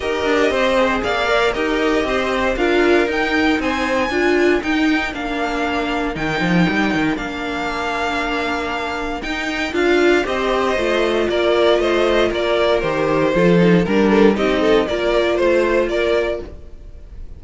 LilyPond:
<<
  \new Staff \with { instrumentName = "violin" } { \time 4/4 \tempo 4 = 117 dis''2 f''4 dis''4~ | dis''4 f''4 g''4 gis''4~ | gis''4 g''4 f''2 | g''2 f''2~ |
f''2 g''4 f''4 | dis''2 d''4 dis''4 | d''4 c''2 ais'4 | dis''4 d''4 c''4 d''4 | }
  \new Staff \with { instrumentName = "violin" } { \time 4/4 ais'4 c''4 d''4 ais'4 | c''4 ais'2 c''4 | ais'1~ | ais'1~ |
ais'1 | c''2 ais'4 c''4 | ais'2 a'4 ais'8 a'8 | g'8 a'8 ais'4 c''4 ais'4 | }
  \new Staff \with { instrumentName = "viola" } { \time 4/4 g'4. gis'4 ais'8 g'4~ | g'4 f'4 dis'2 | f'4 dis'4 d'2 | dis'2 d'2~ |
d'2 dis'4 f'4 | g'4 f'2.~ | f'4 g'4 f'8 dis'8 d'4 | dis'4 f'2. | }
  \new Staff \with { instrumentName = "cello" } { \time 4/4 dis'8 d'8 c'4 ais4 dis'4 | c'4 d'4 dis'4 c'4 | d'4 dis'4 ais2 | dis8 f8 g8 dis8 ais2~ |
ais2 dis'4 d'4 | c'4 a4 ais4 a4 | ais4 dis4 f4 g4 | c'4 ais4 a4 ais4 | }
>>